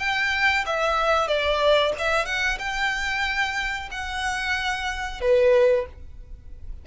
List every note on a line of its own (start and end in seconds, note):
0.00 0.65 G5
0.66 1.28 E5
1.28 1.93 D5
1.99 2.26 E5
2.26 2.58 F#5
2.59 3.89 G5
3.91 5.21 F#5
5.21 5.86 B4